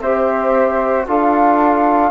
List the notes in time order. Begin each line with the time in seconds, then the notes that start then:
0.00 C4 G4 C5 E5
1.07 D4 F4 A4 F5